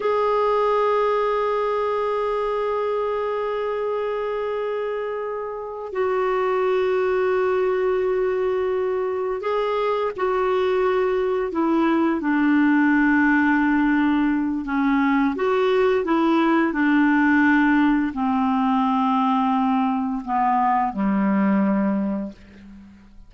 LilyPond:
\new Staff \with { instrumentName = "clarinet" } { \time 4/4 \tempo 4 = 86 gis'1~ | gis'1~ | gis'8 fis'2.~ fis'8~ | fis'4. gis'4 fis'4.~ |
fis'8 e'4 d'2~ d'8~ | d'4 cis'4 fis'4 e'4 | d'2 c'2~ | c'4 b4 g2 | }